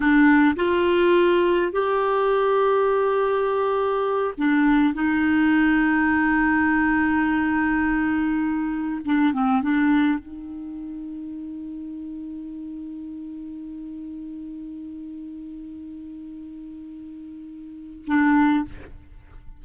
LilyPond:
\new Staff \with { instrumentName = "clarinet" } { \time 4/4 \tempo 4 = 103 d'4 f'2 g'4~ | g'2.~ g'8 d'8~ | d'8 dis'2.~ dis'8~ | dis'2.~ dis'8 d'8 |
c'8 d'4 dis'2~ dis'8~ | dis'1~ | dis'1~ | dis'2. d'4 | }